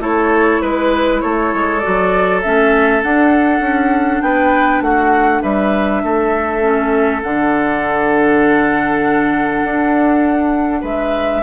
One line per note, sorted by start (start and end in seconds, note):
0.00 0.60 A3
0.00 1.80 E4
0.00 0.62 A4
0.00 0.62 C#5
0.62 1.23 G#3
0.62 1.22 B4
1.22 1.54 A3
1.22 4.23 A4
1.22 1.80 C#5
1.54 1.84 G#3
1.80 2.43 F#4
1.80 2.40 D5
1.87 2.46 F#3
2.43 3.04 A3
2.43 3.03 C#4
2.43 3.02 E5
3.03 6.62 D4
3.03 3.60 D4
3.03 4.22 F#5
3.60 4.20 C#4
4.22 4.82 B3
4.22 4.84 B4
4.22 4.82 G5
4.82 5.42 A3
4.82 5.43 F#4
4.82 5.42 F#5
5.43 6.04 G3
5.43 6.03 B4
5.43 7.23 E5
6.04 7.24 A3
6.04 10.81 A4
6.62 7.21 C#4
7.23 9.64 D3
7.23 11.44 D4
7.23 10.83 F#5
9.64 10.83 D4
10.81 11.43 G#3
10.81 11.41 B4
10.81 11.44 E5